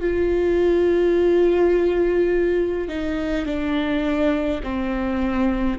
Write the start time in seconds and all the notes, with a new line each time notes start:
0.00 F4
2.88 D#4
3.45 D4
4.63 C4